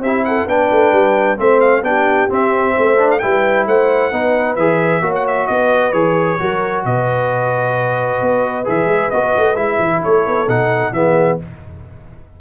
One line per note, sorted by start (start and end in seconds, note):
0.00 0.45 C4
0.00 0.25 G4
0.00 0.25 E5
0.07 0.49 E4
0.25 0.49 A4
0.25 0.48 F#5
0.47 0.69 B3
0.47 1.37 D4
0.47 1.39 B4
0.47 1.40 G5
0.71 0.92 A3
0.92 1.38 G3
1.37 1.83 A3
1.37 1.83 C4
1.37 1.84 C5
1.37 1.61 E5
1.61 1.83 F5
1.83 2.28 B3
1.83 2.29 D4
1.83 2.75 G4
1.83 2.30 G5
2.29 2.97 C4
2.29 2.77 C4
2.29 3.11 E5
2.75 3.23 A3
2.75 3.20 C5
2.98 3.21 D4
3.11 3.20 F5
3.20 3.67 G3
3.20 4.12 E4
3.20 3.67 B4
3.20 3.65 G5
3.67 4.12 A3
3.67 4.12 C5
3.67 4.56 F#5
4.12 4.57 B3
4.12 4.58 D#4
4.12 5.03 B4
4.56 5.02 E3
4.56 5.02 G#4
4.56 5.13 E5
5.02 5.47 A#3
5.02 5.93 F#4
5.02 5.49 C#5
5.15 5.27 F#5
5.28 5.47 E5
5.47 5.93 B3
5.47 6.41 B4
5.47 5.93 D#5
5.93 6.39 E3
5.93 6.38 G#4
5.93 6.83 C#5
6.39 6.85 F#3
6.39 8.65 F#4
6.39 6.86 A#4
6.85 8.22 B2
6.85 10.02 B4
6.85 8.67 D#5
8.22 8.67 B3
8.65 8.86 E3
8.65 9.10 G#4
8.65 9.11 E5
8.86 9.09 G#3
9.11 9.36 B3
9.11 9.56 F#4
9.11 9.56 D#5
9.37 9.56 A3
9.56 9.78 G#3
9.56 10.47 E4
9.56 10.02 E5
9.79 10.02 E3
10.02 10.27 A3
10.02 10.93 A4
10.02 10.49 C#5
10.27 10.48 B3
10.48 10.92 B2
10.48 10.94 D#4
10.48 10.93 F#5
10.92 11.38 E3
10.92 11.39 B3
10.92 11.41 G#4
10.92 11.39 E5